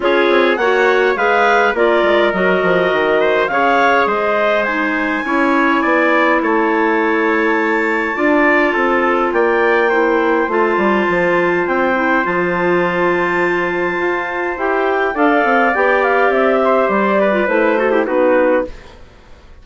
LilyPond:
<<
  \new Staff \with { instrumentName = "clarinet" } { \time 4/4 \tempo 4 = 103 cis''4 fis''4 f''4 d''4 | dis''2 f''4 dis''4 | gis''2. a''4~ | a''1 |
g''2 a''2 | g''4 a''2.~ | a''4 g''4 f''4 g''8 f''8 | e''4 d''4 c''4 b'4 | }
  \new Staff \with { instrumentName = "trumpet" } { \time 4/4 gis'4 cis''4 b'4 ais'4~ | ais'4. c''8 cis''4 c''4~ | c''4 cis''4 d''4 cis''4~ | cis''2 d''4 a'4 |
d''4 c''2.~ | c''1~ | c''2 d''2~ | d''8 c''4 b'4 a'16 g'16 fis'4 | }
  \new Staff \with { instrumentName = "clarinet" } { \time 4/4 f'4 fis'4 gis'4 f'4 | fis'2 gis'2 | dis'4 e'2.~ | e'2 f'2~ |
f'4 e'4 f'2~ | f'8 e'8 f'2.~ | f'4 g'4 a'4 g'4~ | g'4.~ g'16 f'16 e'8 fis'16 e'16 dis'4 | }
  \new Staff \with { instrumentName = "bassoon" } { \time 4/4 cis'8 c'8 ais4 gis4 ais8 gis8 | fis8 f8 dis4 cis4 gis4~ | gis4 cis'4 b4 a4~ | a2 d'4 c'4 |
ais2 a8 g8 f4 | c'4 f2. | f'4 e'4 d'8 c'8 b4 | c'4 g4 a4 b4 | }
>>